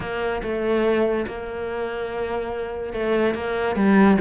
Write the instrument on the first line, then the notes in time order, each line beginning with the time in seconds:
cello
0.00 A#3
0.42 A3
1.27 A#3
2.93 A3
3.34 A#3
3.75 G3